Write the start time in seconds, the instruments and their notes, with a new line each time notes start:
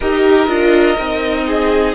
0.00 cello D#4, viola G4, violin A#4 D#5
0.47 cello D4, viola F4
0.97 cello C4, viola D#4
1.47 violin G#4